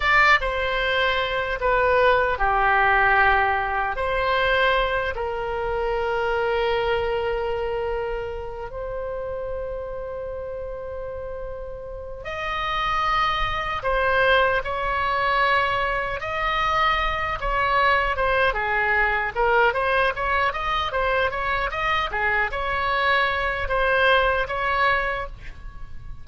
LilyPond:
\new Staff \with { instrumentName = "oboe" } { \time 4/4 \tempo 4 = 76 d''8 c''4. b'4 g'4~ | g'4 c''4. ais'4.~ | ais'2. c''4~ | c''2.~ c''8 dis''8~ |
dis''4. c''4 cis''4.~ | cis''8 dis''4. cis''4 c''8 gis'8~ | gis'8 ais'8 c''8 cis''8 dis''8 c''8 cis''8 dis''8 | gis'8 cis''4. c''4 cis''4 | }